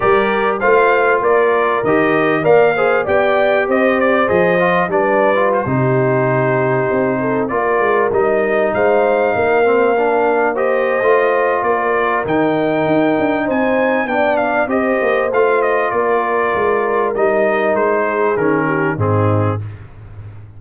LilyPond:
<<
  \new Staff \with { instrumentName = "trumpet" } { \time 4/4 \tempo 4 = 98 d''4 f''4 d''4 dis''4 | f''4 g''4 dis''8 d''8 dis''4 | d''4 c''2.~ | c''16 d''4 dis''4 f''4.~ f''16~ |
f''4~ f''16 dis''4.~ dis''16 d''4 | g''2 gis''4 g''8 f''8 | dis''4 f''8 dis''8 d''2 | dis''4 c''4 ais'4 gis'4 | }
  \new Staff \with { instrumentName = "horn" } { \time 4/4 ais'4 c''4 ais'2 | d''8 c''8 d''4 c''2 | b'4~ b'16 g'2~ g'8 a'16~ | a'16 ais'2 c''4 ais'8.~ |
ais'4~ ais'16 c''4.~ c''16 ais'4~ | ais'2 c''4 d''4 | c''2 ais'2~ | ais'4. gis'4 g'8 dis'4 | }
  \new Staff \with { instrumentName = "trombone" } { \time 4/4 g'4 f'2 g'4 | ais'8 gis'8 g'2 gis'8 f'8 | d'8. f'8 dis'2~ dis'8.~ | dis'16 f'4 dis'2~ dis'8 c'16~ |
c'16 d'4 g'8. f'2 | dis'2. d'4 | g'4 f'2. | dis'2 cis'4 c'4 | }
  \new Staff \with { instrumentName = "tuba" } { \time 4/4 g4 a4 ais4 dis4 | ais4 b4 c'4 f4 | g4~ g16 c2 c'8.~ | c'16 ais8 gis8 g4 gis4 ais8.~ |
ais2 a4 ais4 | dis4 dis'8 d'8 c'4 b4 | c'8 ais8 a4 ais4 gis4 | g4 gis4 dis4 gis,4 | }
>>